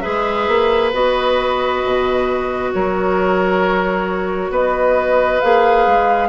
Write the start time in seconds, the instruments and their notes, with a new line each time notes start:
0.00 bassoon G#3, clarinet G#4, oboe B4, flute E5
0.48 bassoon A#3
0.92 bassoon B3, clarinet F#4, flute D#5
1.85 bassoon B2
2.73 bassoon F#3, oboe A#4, flute C#5
4.50 bassoon B3, oboe B4, flute D#5
5.40 bassoon A#3, clarinet G#4, flute F5
5.86 bassoon G#3